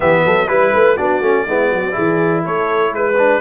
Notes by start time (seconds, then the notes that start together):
0.00 E3 B3 G4 E5
0.25 F#3 A4
0.47 G3 E4 B4
0.73 A3
0.96 B3 D4 F#4 D5
1.20 A3 C#4
1.46 G#3 B3 E4
1.71 F#3 F#4
1.91 E3 E4 G#4
2.44 A3 A4 C#5
2.92 G#3 B4
3.17 D4